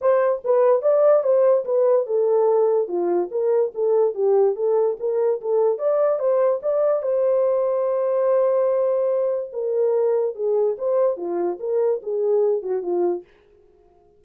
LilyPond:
\new Staff \with { instrumentName = "horn" } { \time 4/4 \tempo 4 = 145 c''4 b'4 d''4 c''4 | b'4 a'2 f'4 | ais'4 a'4 g'4 a'4 | ais'4 a'4 d''4 c''4 |
d''4 c''2.~ | c''2. ais'4~ | ais'4 gis'4 c''4 f'4 | ais'4 gis'4. fis'8 f'4 | }